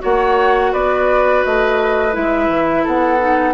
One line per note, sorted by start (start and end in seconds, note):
0.00 0.73 A#3
0.00 2.12 F#4
0.00 0.73 C#5
0.00 0.74 F#5
0.73 1.44 B3
0.73 2.84 B4
0.73 1.44 D5
1.45 2.16 A3
1.45 2.15 D#5
2.13 2.49 G#3
2.13 3.19 E4
2.13 2.86 E5
2.49 2.84 E3
2.84 3.54 B3
2.84 3.54 A4
2.84 3.54 F#5
3.20 3.54 D#4